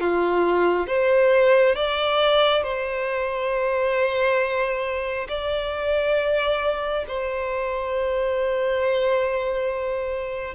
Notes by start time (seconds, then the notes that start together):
0.00 F4
0.87 C5
1.75 D5
2.62 C5
5.28 D5
7.07 C5